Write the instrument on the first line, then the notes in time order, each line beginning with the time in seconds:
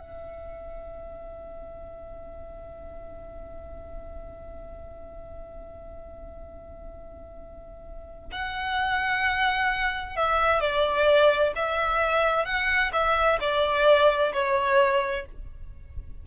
violin
0.00 E5
8.32 F#5
10.17 E5
10.61 D5
11.56 E5
12.45 F#5
12.93 E5
13.41 D5
14.34 C#5